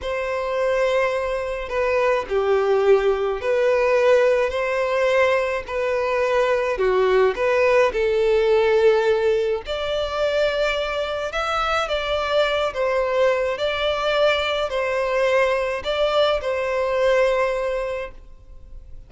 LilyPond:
\new Staff \with { instrumentName = "violin" } { \time 4/4 \tempo 4 = 106 c''2. b'4 | g'2 b'2 | c''2 b'2 | fis'4 b'4 a'2~ |
a'4 d''2. | e''4 d''4. c''4. | d''2 c''2 | d''4 c''2. | }